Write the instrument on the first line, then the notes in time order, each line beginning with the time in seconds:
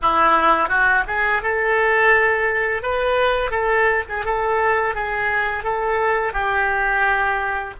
oboe
0.02 E4
0.68 F#4
1.07 G#4
1.42 A4
2.82 B4
3.50 A4
4.08 G#4
4.24 A4
4.94 G#4
5.63 A4
6.32 G4